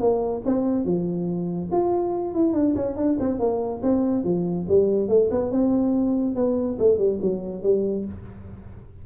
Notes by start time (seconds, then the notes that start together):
0.00 A#3
0.45 C4
0.85 F3
1.72 F4
2.34 E4
2.53 D4
2.76 C#4
2.97 D4
3.20 C4
3.39 A#3
3.82 C4
4.24 F3
4.68 G3
5.08 A3
5.31 B3
5.51 C4
6.35 B3
6.79 A3
6.98 G3
7.22 F#3
7.63 G3